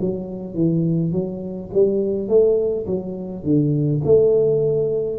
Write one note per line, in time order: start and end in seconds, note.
0.00 0.54 F#3
0.54 1.12 E3
1.12 1.69 F#3
1.73 2.28 G3
2.28 2.86 A3
2.86 3.44 F#3
3.44 4.01 D3
4.04 5.19 A3